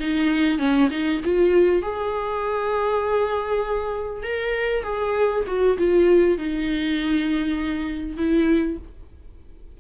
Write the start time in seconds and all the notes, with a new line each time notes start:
0.00 D#4
0.59 C#4
0.91 D#4
1.25 F4
1.82 G#4
4.23 A#4
4.83 G#4
5.47 F#4
5.78 F4
6.38 D#4
8.17 E4